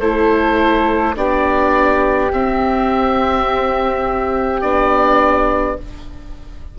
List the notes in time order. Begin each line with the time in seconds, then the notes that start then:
0.00 A3 E4 A4 C5
1.16 B3 D4 G4 D5
2.32 C4 E5
4.61 B3 D4 D5